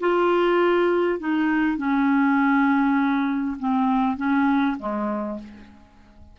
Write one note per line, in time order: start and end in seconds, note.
0.00 1.19 F4
1.19 1.77 D#4
1.77 3.57 C#4
3.59 4.17 C4
4.17 4.77 C#4
4.79 5.39 G#3